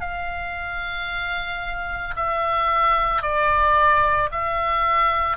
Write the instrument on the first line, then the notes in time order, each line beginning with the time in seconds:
oboe
0.00 F5
2.16 E5
3.21 D5
4.31 E5